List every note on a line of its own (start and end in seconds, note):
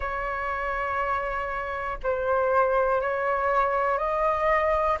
0.00 1.98 C#5
2.03 3.00 C5
3.00 3.98 C#5
3.98 4.97 D#5